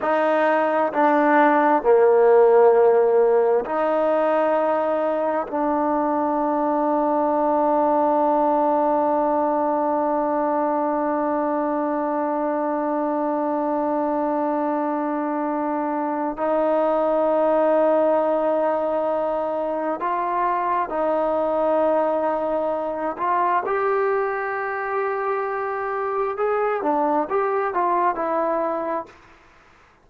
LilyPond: \new Staff \with { instrumentName = "trombone" } { \time 4/4 \tempo 4 = 66 dis'4 d'4 ais2 | dis'2 d'2~ | d'1~ | d'1~ |
d'2 dis'2~ | dis'2 f'4 dis'4~ | dis'4. f'8 g'2~ | g'4 gis'8 d'8 g'8 f'8 e'4 | }